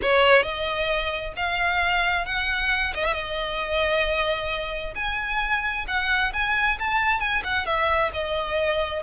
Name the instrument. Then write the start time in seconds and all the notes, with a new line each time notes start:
violin
0.01 C#5
0.42 D#5
1.36 F5
2.25 F#5
2.94 D#5
3.05 E5
3.13 D#5
4.95 G#5
5.87 F#5
6.33 G#5
6.79 A5
7.20 G#5
7.43 F#5
7.66 E5
8.13 D#5